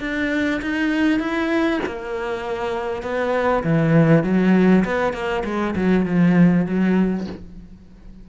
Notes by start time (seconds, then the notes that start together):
0.00 D4
0.62 D#4
1.20 E4
1.86 A#3
3.02 B3
3.64 E3
4.24 F#3
4.85 B3
5.13 A#3
5.45 G#3
5.76 F#3
6.06 F3
6.66 F#3